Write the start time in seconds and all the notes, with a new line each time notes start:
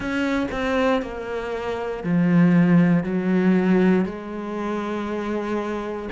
0.00 C#4
0.51 C4
1.02 A#3
2.03 F3
3.03 F#3
4.05 G#3